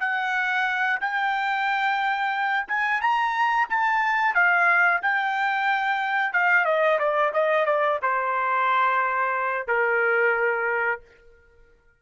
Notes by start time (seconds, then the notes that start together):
0.00 F#5
1.01 G5
2.68 G#5
3.01 A#5
3.69 A5
4.35 F5
5.02 G5
6.33 F5
6.65 D#5
6.99 D5
7.34 D#5
7.66 D5
8.03 C5
9.68 A#4